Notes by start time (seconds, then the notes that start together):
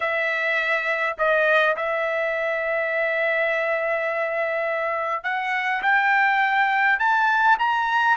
0.00 E5
1.18 D#5
1.76 E5
5.23 F#5
5.82 G5
6.99 A5
7.58 A#5